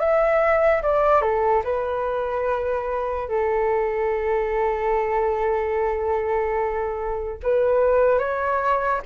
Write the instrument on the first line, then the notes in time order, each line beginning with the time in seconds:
flute
0.00 E5
0.82 D5
1.22 A4
1.64 B4
3.29 A4
7.43 B4
8.19 C#5